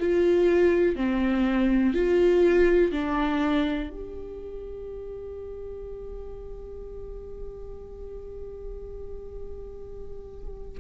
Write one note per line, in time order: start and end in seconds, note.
0.00 0.96 F4
0.96 1.94 C4
1.94 2.92 F4
2.92 3.90 D4
3.90 10.78 G4